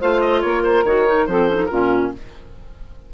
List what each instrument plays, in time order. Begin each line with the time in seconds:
0.00 bassoon A3, clarinet F4, saxophone C5, oboe F5
0.21 oboe D#5
0.42 bassoon A#3, saxophone A#4, oboe C#5
0.63 oboe C5
0.84 bassoon D#3, clarinet F#4, oboe C#5
1.07 clarinet D#4
1.26 bassoon F3, clarinet C4, saxophone A4, oboe C5
1.50 clarinet C#4
1.56 clarinet D#4
1.66 bassoon A#2, clarinet C#4, saxophone F4, oboe A#4